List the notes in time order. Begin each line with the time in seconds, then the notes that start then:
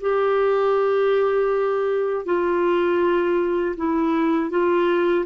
0.00 G4
2.25 F4
3.76 E4
4.50 F4